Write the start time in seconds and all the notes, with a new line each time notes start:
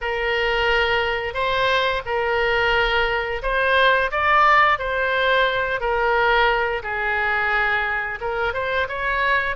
0.01 A#4
1.34 C5
2.05 A#4
3.42 C5
4.11 D5
4.79 C5
5.80 A#4
6.82 G#4
8.21 A#4
8.53 C5
8.88 C#5